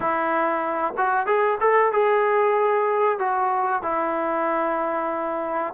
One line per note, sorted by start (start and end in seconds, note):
0.00 0.93 E4
0.97 1.26 F#4
1.26 1.58 G#4
1.60 1.92 A4
1.92 3.18 G#4
3.18 3.82 F#4
3.82 5.74 E4